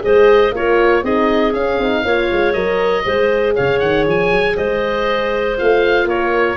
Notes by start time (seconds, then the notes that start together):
0.00 G#3 G#4 C5 D#5
0.52 A#3 F4 A#4 C#5
1.03 C4 D#4 G#4 D#5
1.53 C#4 F5
1.79 C4 D#4
2.04 A#3 F4 C#5
2.32 G#3
2.53 F#3 A#4 D#5
3.05 G#3 G#4 C5
3.56 C#3 C#5 F5
3.79 D#3 F#5
4.07 F3 G#5
4.31 F#3
4.57 G#3 C5 D#5
5.57 A3 F4 F5
6.05 A#3 A#4 C#5